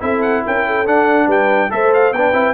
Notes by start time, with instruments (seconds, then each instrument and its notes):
0.00 tuba C4, trombone E4, horn A4, trumpet E5
0.22 trumpet F#5
0.45 tuba C#4, horn A#4, trumpet G5
0.66 horn A4
0.86 trombone D4, tuba D4, trumpet F#5
1.26 tuba G3, horn B4, trumpet G5
1.70 tuba A3, trombone A4, horn C5, trumpet E5
1.94 trumpet F5
2.12 tuba B3, trombone D4, horn B4, trumpet G5
2.32 tuba C4, trombone E4